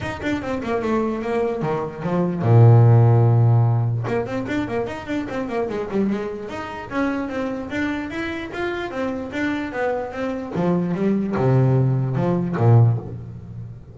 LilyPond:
\new Staff \with { instrumentName = "double bass" } { \time 4/4 \tempo 4 = 148 dis'8 d'8 c'8 ais8 a4 ais4 | dis4 f4 ais,2~ | ais,2 ais8 c'8 d'8 ais8 | dis'8 d'8 c'8 ais8 gis8 g8 gis4 |
dis'4 cis'4 c'4 d'4 | e'4 f'4 c'4 d'4 | b4 c'4 f4 g4 | c2 f4 ais,4 | }